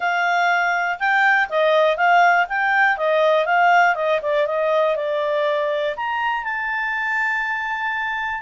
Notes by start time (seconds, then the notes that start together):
0.00 F5
0.99 G5
1.49 D#5
1.97 F5
2.48 G5
2.97 D#5
3.45 F5
3.95 D#5
4.22 D5
4.47 D#5
4.96 D5
5.96 A#5
6.44 A5